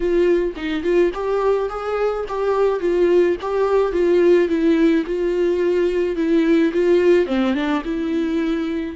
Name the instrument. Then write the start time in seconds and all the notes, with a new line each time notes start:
viola
0.00 F4
0.56 D#4
0.83 F4
1.13 G4
1.69 G#4
2.28 G4
2.80 F4
3.41 G4
3.92 F4
4.48 E4
5.05 F4
6.15 E4
6.73 F4
7.26 C4
7.54 D4
7.84 E4